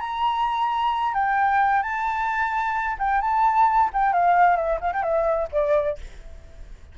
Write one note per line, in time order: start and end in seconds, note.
0.00 1.14 A#5
1.14 1.82 G5
1.82 2.97 A5
2.99 3.21 G5
3.21 3.90 A5
3.93 4.13 G5
4.13 4.56 F5
4.56 4.79 E5
4.81 4.92 F5
4.93 5.03 G5
5.03 5.49 E5
5.52 5.98 D5